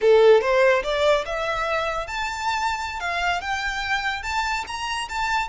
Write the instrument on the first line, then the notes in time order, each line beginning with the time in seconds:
violin
0.01 A4
0.41 C5
0.83 D5
1.25 E5
2.07 A5
3.00 F5
3.41 G5
4.23 A5
4.67 A#5
5.08 A5